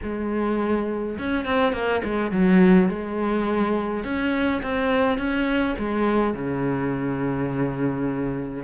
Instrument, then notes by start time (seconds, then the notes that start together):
cello
0.02 G#3
1.18 C#4
1.45 C4
1.73 A#3
2.04 G#3
2.31 F#3
2.88 G#3
4.04 C#4
4.62 C4
5.18 C#4
5.78 G#3
6.34 C#3